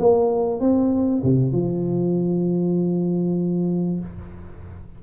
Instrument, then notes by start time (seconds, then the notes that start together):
tuba
0.00 A#3
0.61 C4
1.23 C3
1.53 F3